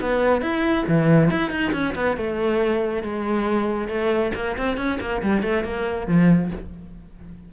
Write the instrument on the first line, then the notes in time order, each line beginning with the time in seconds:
cello
0.00 B3
0.42 E4
0.87 E3
1.30 E4
1.50 D#4
1.72 C#4
1.95 B3
2.16 A3
3.03 G#3
3.88 A3
4.35 A#3
4.57 C4
4.77 C#4
5.00 A#3
5.22 G3
5.42 A3
5.64 A#3
6.07 F3